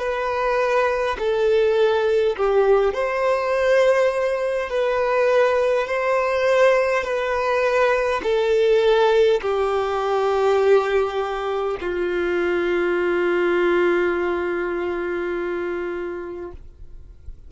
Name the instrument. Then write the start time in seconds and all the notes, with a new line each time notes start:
violin
0.00 B4
1.19 A4
2.37 G4
2.94 C5
4.70 B4
5.88 C5
7.04 B4
8.24 A4
9.42 G4
11.81 F4